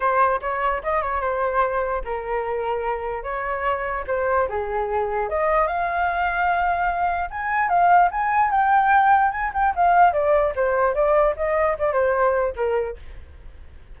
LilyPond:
\new Staff \with { instrumentName = "flute" } { \time 4/4 \tempo 4 = 148 c''4 cis''4 dis''8 cis''8 c''4~ | c''4 ais'2. | cis''2 c''4 gis'4~ | gis'4 dis''4 f''2~ |
f''2 gis''4 f''4 | gis''4 g''2 gis''8 g''8 | f''4 d''4 c''4 d''4 | dis''4 d''8 c''4. ais'4 | }